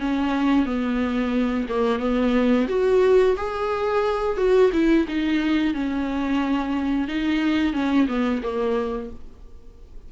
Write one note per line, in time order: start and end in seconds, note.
0.00 0.66 C#4
0.66 1.67 B3
1.69 1.99 A#3
1.99 2.67 B3
2.69 3.36 F#4
3.37 4.37 G#4
4.37 4.71 F#4
4.73 5.07 E4
5.08 5.74 D#4
5.74 7.08 C#4
7.08 7.73 D#4
7.73 8.07 C#4
8.08 8.42 B3
8.43 9.10 A#3